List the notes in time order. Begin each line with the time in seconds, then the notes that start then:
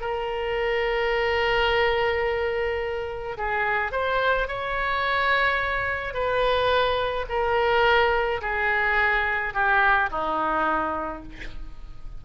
0.00 A#4
3.37 G#4
3.92 C5
4.47 C#5
6.14 B4
7.29 A#4
8.41 G#4
9.53 G4
10.10 D#4